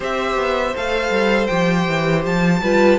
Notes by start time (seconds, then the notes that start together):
0.00 C4 G4 C5 E5
0.35 B3
0.76 A3 A4 F5
1.10 G3
1.47 F3 G4 G5
1.87 E3
2.25 F3 A5
2.61 G3 F4 B4